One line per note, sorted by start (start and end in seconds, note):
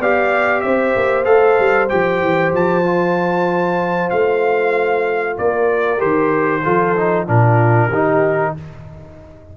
0.00 0.63 B3
0.00 1.24 G4
0.00 0.63 D5
0.00 0.61 F5
0.61 0.96 C4
0.61 5.37 C5
0.61 1.24 E5
0.96 1.27 A#3
1.24 1.58 A3
1.24 1.87 A4
1.24 1.88 F5
1.59 1.91 G3
1.89 2.21 F3
1.89 2.84 G4
1.89 2.52 G5
2.21 2.52 E3
2.53 4.11 F3
2.53 4.10 A5
2.84 5.98 F4
4.10 5.38 A3
4.10 5.36 F5
5.37 6.02 A#3
5.37 6.64 A#4
5.37 6.01 D5
5.98 6.65 D#3
5.98 6.61 G4
5.98 7.27 C5
6.64 7.28 F3
6.64 6.96 F4
6.64 7.27 A4
6.96 7.27 D#4
7.27 7.88 A#2
7.27 7.90 D4
7.27 7.90 F4
7.27 8.55 A#4
7.88 8.51 D#3
7.88 8.57 D#4
7.88 8.53 G4